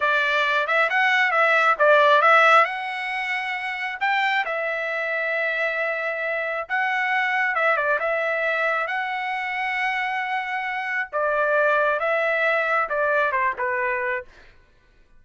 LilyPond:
\new Staff \with { instrumentName = "trumpet" } { \time 4/4 \tempo 4 = 135 d''4. e''8 fis''4 e''4 | d''4 e''4 fis''2~ | fis''4 g''4 e''2~ | e''2. fis''4~ |
fis''4 e''8 d''8 e''2 | fis''1~ | fis''4 d''2 e''4~ | e''4 d''4 c''8 b'4. | }